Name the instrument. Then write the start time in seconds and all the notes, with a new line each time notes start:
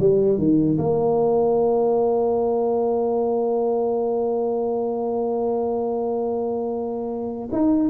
tuba
0.00 G3
0.38 D#3
0.78 A#3
7.52 D#4